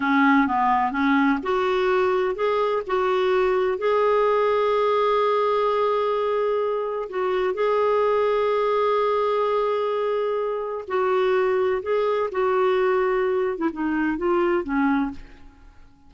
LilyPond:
\new Staff \with { instrumentName = "clarinet" } { \time 4/4 \tempo 4 = 127 cis'4 b4 cis'4 fis'4~ | fis'4 gis'4 fis'2 | gis'1~ | gis'2. fis'4 |
gis'1~ | gis'2. fis'4~ | fis'4 gis'4 fis'2~ | fis'8. e'16 dis'4 f'4 cis'4 | }